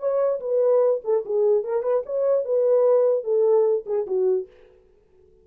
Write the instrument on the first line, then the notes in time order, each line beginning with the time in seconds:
horn
0.00 C#5
0.41 B4
1.05 A4
1.26 G#4
1.64 A#4
1.83 B4
2.06 C#5
2.45 B4
3.24 A4
3.87 G#4
4.07 F#4